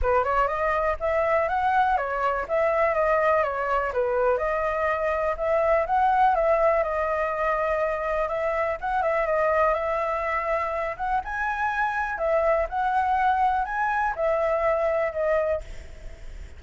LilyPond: \new Staff \with { instrumentName = "flute" } { \time 4/4 \tempo 4 = 123 b'8 cis''8 dis''4 e''4 fis''4 | cis''4 e''4 dis''4 cis''4 | b'4 dis''2 e''4 | fis''4 e''4 dis''2~ |
dis''4 e''4 fis''8 e''8 dis''4 | e''2~ e''8 fis''8 gis''4~ | gis''4 e''4 fis''2 | gis''4 e''2 dis''4 | }